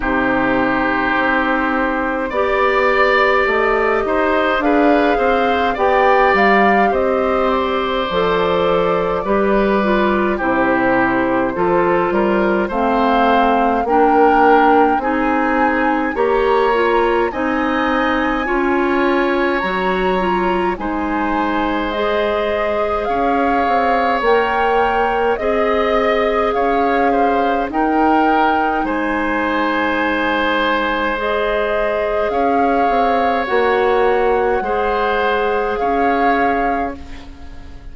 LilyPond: <<
  \new Staff \with { instrumentName = "flute" } { \time 4/4 \tempo 4 = 52 c''2 d''4 dis''4 | f''4 g''8 f''8 dis''8 d''4.~ | d''4 c''2 f''4 | g''4 gis''4 ais''4 gis''4~ |
gis''4 ais''4 gis''4 dis''4 | f''4 g''4 dis''4 f''4 | g''4 gis''2 dis''4 | f''4 fis''2 f''4 | }
  \new Staff \with { instrumentName = "oboe" } { \time 4/4 g'2 d''4. c''8 | b'8 c''8 d''4 c''2 | b'4 g'4 a'8 ais'8 c''4 | ais'4 gis'4 cis''4 dis''4 |
cis''2 c''2 | cis''2 dis''4 cis''8 c''8 | ais'4 c''2. | cis''2 c''4 cis''4 | }
  \new Staff \with { instrumentName = "clarinet" } { \time 4/4 dis'2 g'2 | gis'4 g'2 a'4 | g'8 f'8 e'4 f'4 c'4 | d'4 dis'4 g'8 f'8 dis'4 |
f'4 fis'8 f'8 dis'4 gis'4~ | gis'4 ais'4 gis'2 | dis'2. gis'4~ | gis'4 fis'4 gis'2 | }
  \new Staff \with { instrumentName = "bassoon" } { \time 4/4 c4 c'4 b4 a8 dis'8 | d'8 c'8 b8 g8 c'4 f4 | g4 c4 f8 g8 a4 | ais4 c'4 ais4 c'4 |
cis'4 fis4 gis2 | cis'8 c'8 ais4 c'4 cis'4 | dis'4 gis2. | cis'8 c'8 ais4 gis4 cis'4 | }
>>